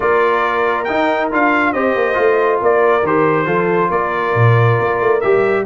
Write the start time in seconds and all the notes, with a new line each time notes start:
0.00 A#3 F4 A#4 D5
0.84 D#4 G5
1.31 D4 F4 F5
1.72 C4 G4 C5 D#5
1.95 A#3
2.14 A3 F4
2.61 A#3 A#4 D5
3.02 D#3 G4 C5
3.46 F3 F4 A4
3.90 A#3 A#4 D5
4.34 A#2
4.79 A#3
5.00 A3
5.20 G3 G4 E5